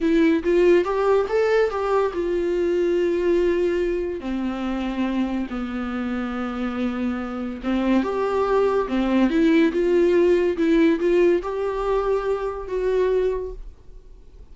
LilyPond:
\new Staff \with { instrumentName = "viola" } { \time 4/4 \tempo 4 = 142 e'4 f'4 g'4 a'4 | g'4 f'2.~ | f'2 c'2~ | c'4 b2.~ |
b2 c'4 g'4~ | g'4 c'4 e'4 f'4~ | f'4 e'4 f'4 g'4~ | g'2 fis'2 | }